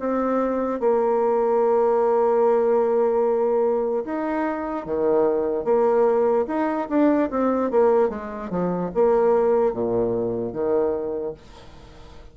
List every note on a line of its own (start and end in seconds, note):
0.00 0.80 C4
0.80 4.05 A#3
4.05 4.86 D#4
4.86 5.65 D#3
5.65 6.46 A#3
6.48 6.88 D#4
6.90 7.30 D4
7.31 7.71 C4
7.71 8.10 A#3
8.10 8.50 G#3
8.50 8.91 F3
8.95 9.74 A#3
9.74 10.53 A#2
10.53 11.34 D#3